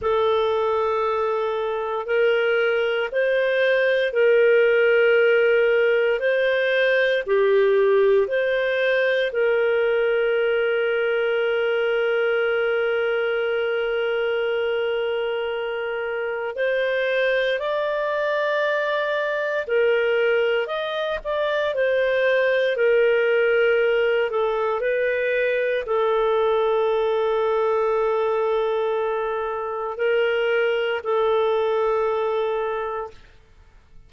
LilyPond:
\new Staff \with { instrumentName = "clarinet" } { \time 4/4 \tempo 4 = 58 a'2 ais'4 c''4 | ais'2 c''4 g'4 | c''4 ais'2.~ | ais'1 |
c''4 d''2 ais'4 | dis''8 d''8 c''4 ais'4. a'8 | b'4 a'2.~ | a'4 ais'4 a'2 | }